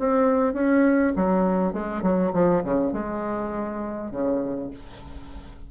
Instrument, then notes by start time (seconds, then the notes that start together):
bassoon
0.00 C4
0.54 C#4
1.16 F#3
1.74 G#3
2.03 F#3
2.34 F3
2.64 C#3
2.93 G#3
4.12 C#3